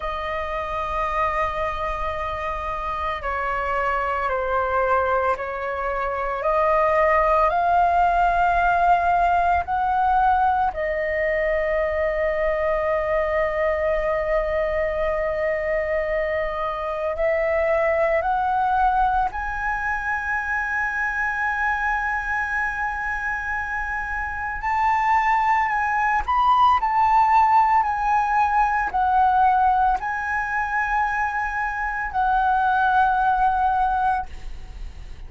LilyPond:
\new Staff \with { instrumentName = "flute" } { \time 4/4 \tempo 4 = 56 dis''2. cis''4 | c''4 cis''4 dis''4 f''4~ | f''4 fis''4 dis''2~ | dis''1 |
e''4 fis''4 gis''2~ | gis''2. a''4 | gis''8 b''8 a''4 gis''4 fis''4 | gis''2 fis''2 | }